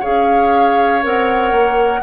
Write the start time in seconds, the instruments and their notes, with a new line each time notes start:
0.00 bassoon C#4, clarinet G#4, oboe C#5, flute F5
1.02 bassoon C4, clarinet A#4, flute F#5
1.52 bassoon A#3